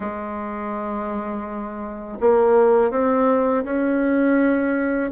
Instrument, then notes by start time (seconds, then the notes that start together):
bassoon
0.00 G#3
2.20 A#3
2.90 C4
3.64 C#4